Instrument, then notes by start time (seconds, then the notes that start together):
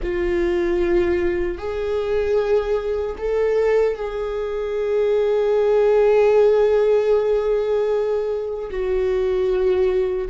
viola
0.02 F4
1.58 G#4
3.18 A4
3.96 G#4
8.70 F#4